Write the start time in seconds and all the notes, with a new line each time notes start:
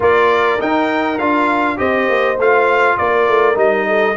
0.00 A#3 F4 A#4 D5
0.59 D#4 G5
1.18 D4 F4 F5
1.76 C4 G4 C5 D#5
2.08 A#3
2.37 A3 F4 F5
2.97 A#3 A#4 D5
3.27 A3
3.54 G3 D#4 D#5
3.87 A4